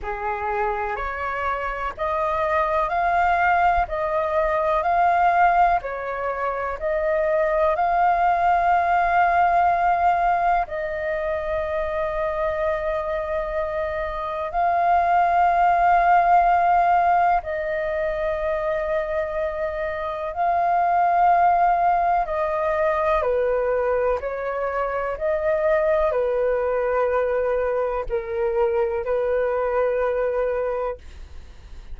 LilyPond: \new Staff \with { instrumentName = "flute" } { \time 4/4 \tempo 4 = 62 gis'4 cis''4 dis''4 f''4 | dis''4 f''4 cis''4 dis''4 | f''2. dis''4~ | dis''2. f''4~ |
f''2 dis''2~ | dis''4 f''2 dis''4 | b'4 cis''4 dis''4 b'4~ | b'4 ais'4 b'2 | }